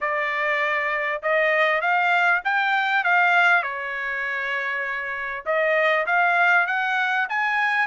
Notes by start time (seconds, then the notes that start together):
0.00 D5
1.22 D#5
1.81 F5
2.44 G5
3.04 F5
3.62 C#5
5.45 D#5
6.06 F5
6.66 F#5
7.29 G#5